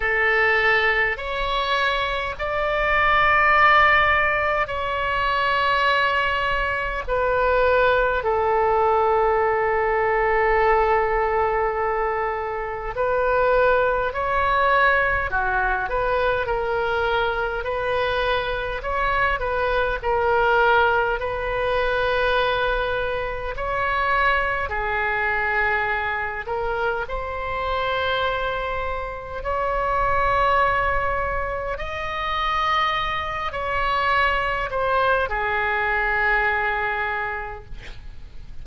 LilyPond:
\new Staff \with { instrumentName = "oboe" } { \time 4/4 \tempo 4 = 51 a'4 cis''4 d''2 | cis''2 b'4 a'4~ | a'2. b'4 | cis''4 fis'8 b'8 ais'4 b'4 |
cis''8 b'8 ais'4 b'2 | cis''4 gis'4. ais'8 c''4~ | c''4 cis''2 dis''4~ | dis''8 cis''4 c''8 gis'2 | }